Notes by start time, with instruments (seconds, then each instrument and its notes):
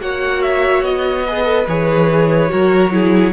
0.00 cello A#3, viola F#4, violin C#5 F#5
0.42 violin E5
0.82 cello B3, violin D#5
1.26 viola G#4, violin B4
1.45 viola A4
1.67 cello E3, viola G#4, violin C#5
2.49 cello F#3, viola F#4, violin A#4
2.91 viola E4, violin G#4